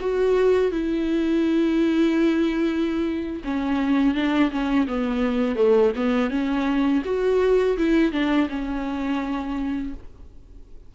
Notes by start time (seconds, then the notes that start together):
0.00 F#4
0.71 E4
3.44 C#4
4.15 D4
4.51 C#4
4.87 B3
5.56 A3
5.96 B3
6.30 C#4
7.04 F#4
7.77 E4
8.12 D4
8.49 C#4